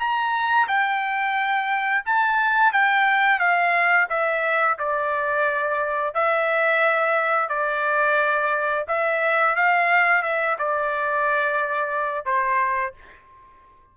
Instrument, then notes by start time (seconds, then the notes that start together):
trumpet
0.00 A#5
0.68 G5
2.06 A5
2.73 G5
3.40 F5
4.10 E5
4.79 D5
6.15 E5
7.49 D5
8.89 E5
9.56 F5
10.23 E5
10.59 D5
12.26 C5